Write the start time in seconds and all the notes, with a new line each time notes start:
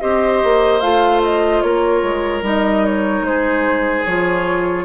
0.00 C4 G4 C5 D#5
0.43 A#3
0.80 A3 F4 F5
1.23 D#5
1.61 A#3 A#4 C#5
2.02 G#3
2.41 G3 D#4 D#5
2.85 C#5
3.21 G#3 C5
3.27 G#4
4.05 F3 F4 C#5